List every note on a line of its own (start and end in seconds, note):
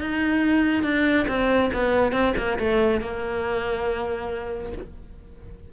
0.00 0.83 D#4
0.83 1.26 D4
1.28 1.70 C4
1.73 2.12 B3
2.12 2.33 C4
2.37 2.58 A#3
2.58 3.00 A3
3.00 4.72 A#3